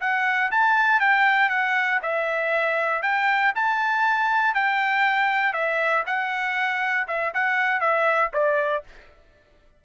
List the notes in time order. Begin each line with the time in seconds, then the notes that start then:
0.00 F#5
0.51 A5
1.00 G5
1.49 F#5
2.02 E5
3.02 G5
3.55 A5
4.54 G5
5.53 E5
6.06 F#5
7.07 E5
7.34 F#5
7.80 E5
8.33 D5